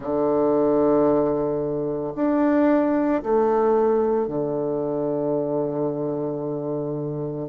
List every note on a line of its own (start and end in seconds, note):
0.00 2.13 D3
2.15 3.22 D4
3.22 4.27 A3
4.27 7.49 D3